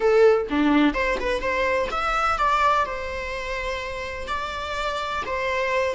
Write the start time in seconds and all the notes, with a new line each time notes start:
0.00 A4
0.50 D4
0.94 C5
1.20 B4
1.41 C5
1.91 E5
2.37 D5
2.85 C5
4.27 D5
5.26 C5